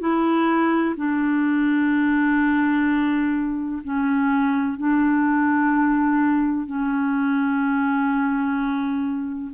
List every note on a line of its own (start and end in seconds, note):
0.00 0.95 E4
0.97 3.83 D4
3.84 4.78 C#4
4.78 6.67 D4
6.67 9.52 C#4